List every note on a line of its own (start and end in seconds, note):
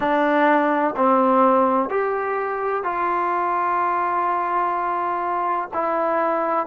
0.00 0.94 D4
0.96 1.89 C4
1.89 2.83 G4
2.83 5.69 F4
5.73 6.66 E4